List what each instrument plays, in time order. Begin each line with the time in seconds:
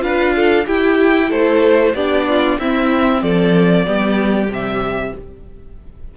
0.00 cello D4, viola F4, violin B4 F5
0.36 violin A4
0.67 cello E4, viola E4, violin G4 G5
1.30 cello A3, violin A4 C5
1.94 cello B3, viola D4, violin G4 D5
2.29 violin F4
2.59 cello C4, viola C4, violin E4 E5
3.23 cello F3, violin A4 D5
3.87 cello G3, viola B3, violin G4
4.47 cello C3, viola G3
4.54 violin E5